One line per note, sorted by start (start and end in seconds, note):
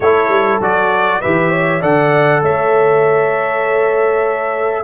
0.00 0.28 A3
0.00 0.61 E4
0.00 1.20 A4
0.00 0.61 C#5
0.28 0.58 G3
0.60 1.21 F#3
0.60 1.22 F#4
0.60 1.21 D5
1.20 1.82 E3
1.20 1.81 G4
1.20 1.50 B4
1.20 1.81 E5
1.50 1.80 C#5
1.80 2.42 D3
1.80 4.84 A4
1.80 2.41 D5
1.80 2.43 F#5
2.42 4.84 A3
2.42 4.84 C#5
2.42 4.84 E5